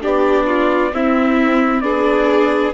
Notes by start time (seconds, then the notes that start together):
0.00 B3 D4 G4 D5
0.46 F4
0.92 C4 E4 E5
1.80 B3 D4 G#4 D5